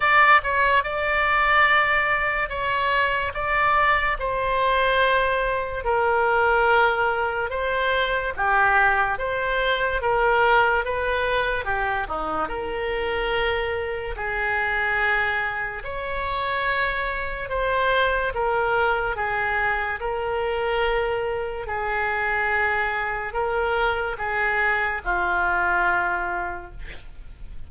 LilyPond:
\new Staff \with { instrumentName = "oboe" } { \time 4/4 \tempo 4 = 72 d''8 cis''8 d''2 cis''4 | d''4 c''2 ais'4~ | ais'4 c''4 g'4 c''4 | ais'4 b'4 g'8 dis'8 ais'4~ |
ais'4 gis'2 cis''4~ | cis''4 c''4 ais'4 gis'4 | ais'2 gis'2 | ais'4 gis'4 f'2 | }